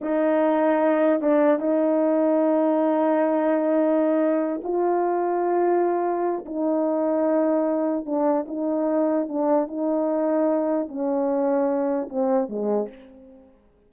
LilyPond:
\new Staff \with { instrumentName = "horn" } { \time 4/4 \tempo 4 = 149 dis'2. d'4 | dis'1~ | dis'2.~ dis'8 f'8~ | f'1 |
dis'1 | d'4 dis'2 d'4 | dis'2. cis'4~ | cis'2 c'4 gis4 | }